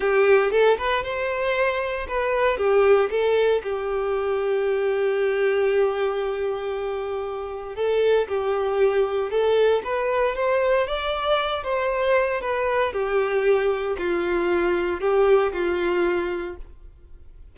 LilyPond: \new Staff \with { instrumentName = "violin" } { \time 4/4 \tempo 4 = 116 g'4 a'8 b'8 c''2 | b'4 g'4 a'4 g'4~ | g'1~ | g'2. a'4 |
g'2 a'4 b'4 | c''4 d''4. c''4. | b'4 g'2 f'4~ | f'4 g'4 f'2 | }